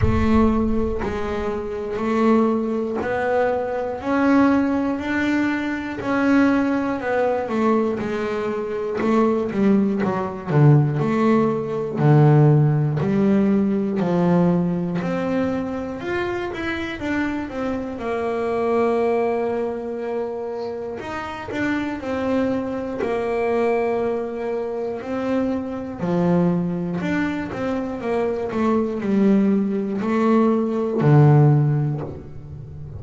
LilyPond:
\new Staff \with { instrumentName = "double bass" } { \time 4/4 \tempo 4 = 60 a4 gis4 a4 b4 | cis'4 d'4 cis'4 b8 a8 | gis4 a8 g8 fis8 d8 a4 | d4 g4 f4 c'4 |
f'8 e'8 d'8 c'8 ais2~ | ais4 dis'8 d'8 c'4 ais4~ | ais4 c'4 f4 d'8 c'8 | ais8 a8 g4 a4 d4 | }